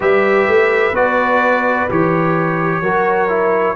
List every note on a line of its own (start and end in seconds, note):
0.00 0.47 G3
0.00 0.92 G4
0.00 2.80 B4
0.00 0.95 E5
0.47 0.92 A3
0.92 1.86 B3
0.92 1.88 F#4
0.92 1.89 D5
1.89 2.81 E3
1.89 2.83 G4
1.89 3.76 C#5
2.81 3.74 F#3
2.81 3.28 F#4
2.81 3.76 A#4
3.28 3.75 E4